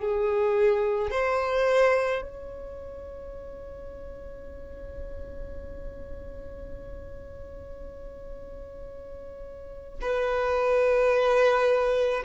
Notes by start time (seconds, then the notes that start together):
0.00 G#4
1.11 C5
2.22 C#5
10.01 B4